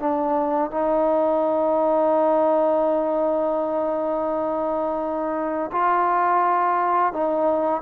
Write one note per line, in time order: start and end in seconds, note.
0.00 0.71 D4
0.71 5.71 D#4
5.72 7.13 F4
7.13 7.82 D#4